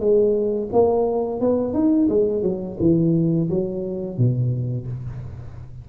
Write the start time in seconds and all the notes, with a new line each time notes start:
0.00 G#3
0.73 A#3
1.41 B3
1.74 D#4
2.10 G#3
2.43 F#3
2.80 E3
3.50 F#3
4.18 B2